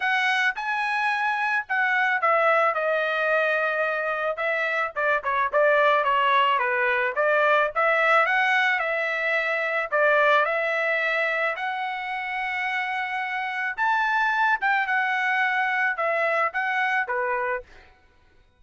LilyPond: \new Staff \with { instrumentName = "trumpet" } { \time 4/4 \tempo 4 = 109 fis''4 gis''2 fis''4 | e''4 dis''2. | e''4 d''8 cis''8 d''4 cis''4 | b'4 d''4 e''4 fis''4 |
e''2 d''4 e''4~ | e''4 fis''2.~ | fis''4 a''4. g''8 fis''4~ | fis''4 e''4 fis''4 b'4 | }